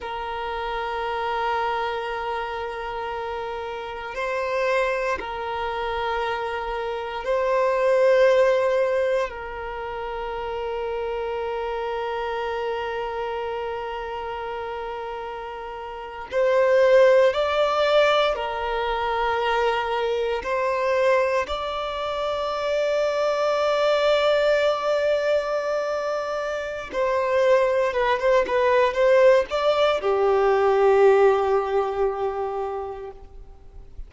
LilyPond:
\new Staff \with { instrumentName = "violin" } { \time 4/4 \tempo 4 = 58 ais'1 | c''4 ais'2 c''4~ | c''4 ais'2.~ | ais'2.~ ais'8. c''16~ |
c''8. d''4 ais'2 c''16~ | c''8. d''2.~ d''16~ | d''2 c''4 b'16 c''16 b'8 | c''8 d''8 g'2. | }